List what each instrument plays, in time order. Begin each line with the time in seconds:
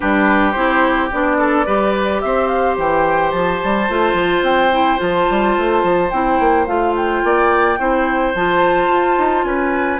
0.00 bassoon G3, clarinet D4, oboe G4, flute B4
0.52 bassoon C4, clarinet E4, flute C5
1.11 bassoon B3, clarinet D4, flute D5
1.38 oboe A4
1.65 bassoon G3, clarinet G4, oboe B4
2.21 bassoon C4, oboe C5, flute E5
2.47 flute F5
2.77 bassoon E3, flute G5
3.31 bassoon F3, flute A5
3.64 bassoon G3
3.89 bassoon A3, clarinet F4
4.13 bassoon F3
4.42 bassoon C4, flute G5
4.71 clarinet E4
4.97 bassoon F3, clarinet F4, flute A5
5.29 bassoon G3
5.57 bassoon A3
5.83 bassoon F3
6.10 bassoon C4, clarinet E4, flute G5
6.39 bassoon A#3
6.66 bassoon A3, clarinet F4, flute F5
6.96 flute G5
7.23 bassoon A#3, oboe D5
7.78 bassoon C4, clarinet E4, oboe C5
8.34 bassoon F3, clarinet F4, flute A5
8.88 bassoon F4
9.18 bassoon D#4
9.44 bassoon C#4, oboe B4, flute G#5